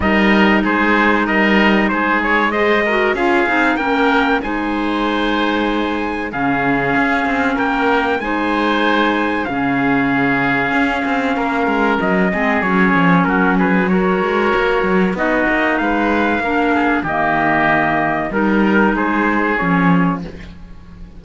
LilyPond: <<
  \new Staff \with { instrumentName = "trumpet" } { \time 4/4 \tempo 4 = 95 dis''4 c''4 dis''4 c''8 cis''8 | dis''4 f''4 g''4 gis''4~ | gis''2 f''2 | g''4 gis''2 f''4~ |
f''2. dis''4 | cis''4 ais'8 b'8 cis''2 | dis''4 f''2 dis''4~ | dis''4 ais'4 c''4 cis''4 | }
  \new Staff \with { instrumentName = "oboe" } { \time 4/4 ais'4 gis'4 ais'4 gis'4 | c''8 ais'8 gis'4 ais'4 c''4~ | c''2 gis'2 | ais'4 c''2 gis'4~ |
gis'2 ais'4. gis'8~ | gis'4 fis'8 gis'8 ais'2 | fis'4 b'4 ais'8 gis'8 g'4~ | g'4 ais'4 gis'2 | }
  \new Staff \with { instrumentName = "clarinet" } { \time 4/4 dis'1 | gis'8 fis'8 f'8 dis'8 cis'4 dis'4~ | dis'2 cis'2~ | cis'4 dis'2 cis'4~ |
cis'2.~ cis'8 c'8 | cis'2 fis'2 | dis'2 d'4 ais4~ | ais4 dis'2 cis'4 | }
  \new Staff \with { instrumentName = "cello" } { \time 4/4 g4 gis4 g4 gis4~ | gis4 cis'8 c'8 ais4 gis4~ | gis2 cis4 cis'8 c'8 | ais4 gis2 cis4~ |
cis4 cis'8 c'8 ais8 gis8 fis8 gis8 | fis8 f8 fis4. gis8 ais8 fis8 | b8 ais8 gis4 ais4 dis4~ | dis4 g4 gis4 f4 | }
>>